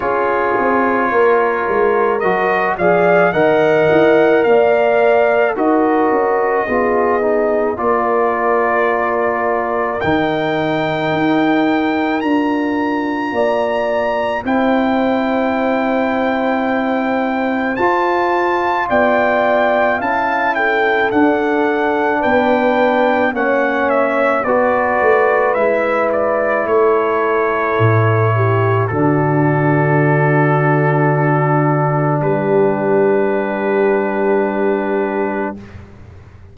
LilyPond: <<
  \new Staff \with { instrumentName = "trumpet" } { \time 4/4 \tempo 4 = 54 cis''2 dis''8 f''8 fis''4 | f''4 dis''2 d''4~ | d''4 g''2 ais''4~ | ais''4 g''2. |
a''4 g''4 a''8 g''8 fis''4 | g''4 fis''8 e''8 d''4 e''8 d''8 | cis''2 a'2~ | a'4 b'2. | }
  \new Staff \with { instrumentName = "horn" } { \time 4/4 gis'4 ais'4. d''8 dis''4 | d''4 ais'4 gis'4 ais'4~ | ais'1 | d''4 c''2.~ |
c''4 d''4 f''8 a'4. | b'4 cis''4 b'2 | a'4. g'8 fis'2~ | fis'4 g'2. | }
  \new Staff \with { instrumentName = "trombone" } { \time 4/4 f'2 fis'8 gis'8 ais'4~ | ais'4 fis'4 f'8 dis'8 f'4~ | f'4 dis'2 f'4~ | f'4 e'2. |
f'2 e'4 d'4~ | d'4 cis'4 fis'4 e'4~ | e'2 d'2~ | d'1 | }
  \new Staff \with { instrumentName = "tuba" } { \time 4/4 cis'8 c'8 ais8 gis8 fis8 f8 dis8 e'8 | ais4 dis'8 cis'8 b4 ais4~ | ais4 dis4 dis'4 d'4 | ais4 c'2. |
f'4 b4 cis'4 d'4 | b4 ais4 b8 a8 gis4 | a4 a,4 d2~ | d4 g2. | }
>>